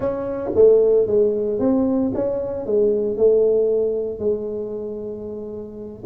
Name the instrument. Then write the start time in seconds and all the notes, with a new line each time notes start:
tuba
0.00 C#4
0.55 A3
1.06 G#3
1.59 C4
2.14 C#4
2.66 G#3
3.17 A3
4.19 G#3